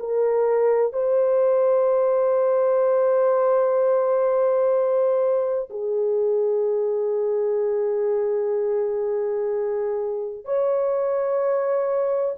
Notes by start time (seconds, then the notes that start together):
0.00 A#4
0.94 C5
5.70 G#4
10.45 C#5